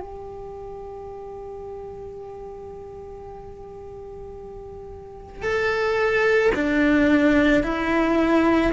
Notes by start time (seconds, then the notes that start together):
0.00 G4
5.42 A4
6.55 D4
7.64 E4